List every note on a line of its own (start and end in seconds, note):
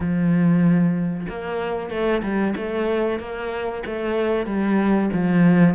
0.00 1.26 F3
1.29 1.90 A#3
1.90 2.22 A3
2.22 2.54 G3
2.56 3.19 A3
3.19 3.83 A#3
3.86 4.46 A3
4.46 5.09 G3
5.12 5.74 F3